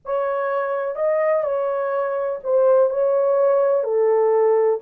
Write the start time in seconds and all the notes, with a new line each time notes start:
0.05 C#5
0.95 D#5
1.43 C#5
2.43 C5
2.89 C#5
3.83 A4